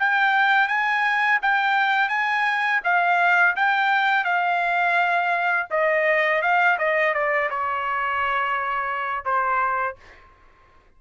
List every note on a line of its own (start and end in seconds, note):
0.00 0.68 G5
0.68 1.40 G#5
1.42 2.09 G5
2.09 2.81 G#5
2.84 3.56 F5
3.56 4.25 G5
4.25 5.68 F5
5.71 6.42 D#5
6.42 6.78 F5
6.79 7.14 D#5
7.14 7.50 D5
7.50 9.25 C#5
9.25 9.96 C5